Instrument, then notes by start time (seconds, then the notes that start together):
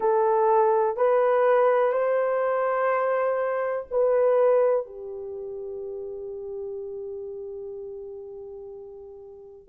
horn
0.00 A4
0.96 B4
1.92 C5
3.90 B4
4.86 G4